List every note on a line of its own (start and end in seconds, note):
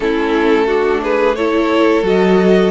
0.00 2.02 A3
0.00 0.68 C#4
0.00 0.66 E4
0.00 1.02 A4
0.66 1.36 D4
0.66 1.00 F#4
1.02 1.37 G#4
1.02 1.35 B4
1.35 2.03 E4
1.35 2.71 A4
1.35 2.04 C#5
2.02 2.70 F#3
2.02 2.71 F#4
2.02 2.71 D#5